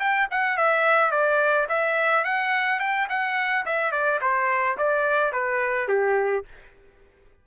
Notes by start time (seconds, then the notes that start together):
0.00 G5
0.31 F#5
0.57 E5
1.11 D5
1.69 E5
2.25 F#5
2.80 G5
3.09 F#5
3.66 E5
3.92 D5
4.21 C5
4.78 D5
5.33 B4
5.89 G4